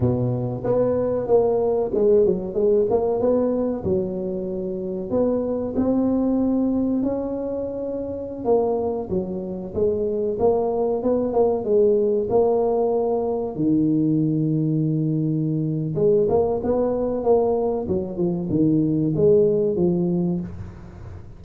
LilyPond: \new Staff \with { instrumentName = "tuba" } { \time 4/4 \tempo 4 = 94 b,4 b4 ais4 gis8 fis8 | gis8 ais8 b4 fis2 | b4 c'2 cis'4~ | cis'4~ cis'16 ais4 fis4 gis8.~ |
gis16 ais4 b8 ais8 gis4 ais8.~ | ais4~ ais16 dis2~ dis8.~ | dis4 gis8 ais8 b4 ais4 | fis8 f8 dis4 gis4 f4 | }